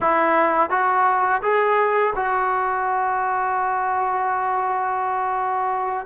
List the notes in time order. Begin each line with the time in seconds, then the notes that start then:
0.01 E4
0.70 F#4
1.42 G#4
2.15 F#4